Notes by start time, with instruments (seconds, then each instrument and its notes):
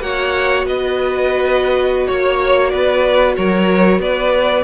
0.00 cello A#3, viola F#4, violin C#5 F#5
0.64 cello B3, violin B4 D#5
2.08 cello A#3, violin C#5
2.70 cello B3, violin B4 D5
3.37 cello F#3, violin A#4 C#5
4.00 cello B3, violin B4 D5